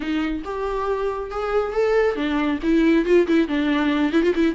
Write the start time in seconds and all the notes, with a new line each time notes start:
0.00 D#4
0.44 G4
1.30 G#4
1.72 A4
2.15 D4
2.62 E4
3.05 F4
3.27 E4
3.48 D4
4.12 E4
4.22 F4
4.34 E4